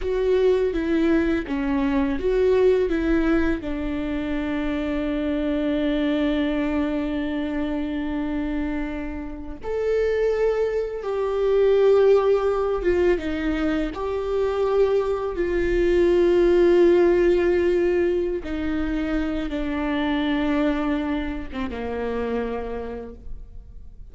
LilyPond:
\new Staff \with { instrumentName = "viola" } { \time 4/4 \tempo 4 = 83 fis'4 e'4 cis'4 fis'4 | e'4 d'2.~ | d'1~ | d'4~ d'16 a'2 g'8.~ |
g'4.~ g'16 f'8 dis'4 g'8.~ | g'4~ g'16 f'2~ f'8.~ | f'4. dis'4. d'4~ | d'4.~ d'16 c'16 ais2 | }